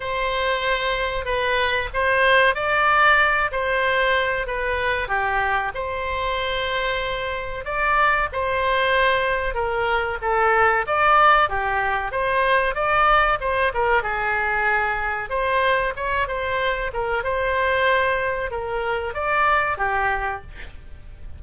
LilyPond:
\new Staff \with { instrumentName = "oboe" } { \time 4/4 \tempo 4 = 94 c''2 b'4 c''4 | d''4. c''4. b'4 | g'4 c''2. | d''4 c''2 ais'4 |
a'4 d''4 g'4 c''4 | d''4 c''8 ais'8 gis'2 | c''4 cis''8 c''4 ais'8 c''4~ | c''4 ais'4 d''4 g'4 | }